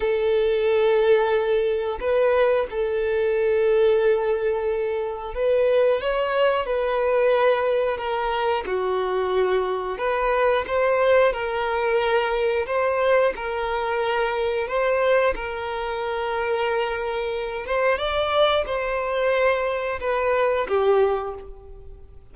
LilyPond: \new Staff \with { instrumentName = "violin" } { \time 4/4 \tempo 4 = 90 a'2. b'4 | a'1 | b'4 cis''4 b'2 | ais'4 fis'2 b'4 |
c''4 ais'2 c''4 | ais'2 c''4 ais'4~ | ais'2~ ais'8 c''8 d''4 | c''2 b'4 g'4 | }